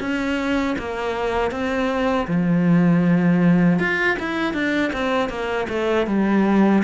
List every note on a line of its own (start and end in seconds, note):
0.00 0.76 C#4
0.78 1.51 A#3
1.51 2.27 C4
2.28 3.79 F3
3.79 4.17 F4
4.19 4.54 E4
4.54 4.92 D4
4.93 5.29 C4
5.29 5.67 A#3
5.69 6.07 A3
6.07 6.83 G3